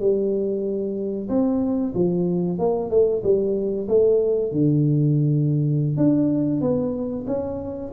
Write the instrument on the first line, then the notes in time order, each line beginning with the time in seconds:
tuba
0.00 G3
1.29 C4
1.95 F3
2.59 A#3
2.90 A3
3.24 G3
3.89 A3
4.52 D3
5.98 D4
6.61 B3
7.28 C#4